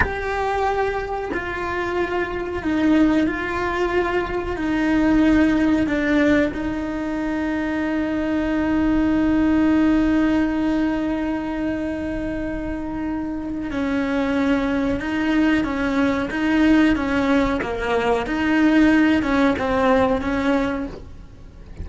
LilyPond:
\new Staff \with { instrumentName = "cello" } { \time 4/4 \tempo 4 = 92 g'2 f'2 | dis'4 f'2 dis'4~ | dis'4 d'4 dis'2~ | dis'1~ |
dis'1~ | dis'4 cis'2 dis'4 | cis'4 dis'4 cis'4 ais4 | dis'4. cis'8 c'4 cis'4 | }